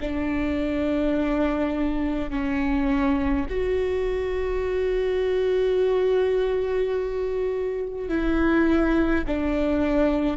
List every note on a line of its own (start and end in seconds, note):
0.00 2.30 D4
2.30 3.46 C#4
3.49 8.09 F#4
8.09 9.24 E4
9.27 10.37 D4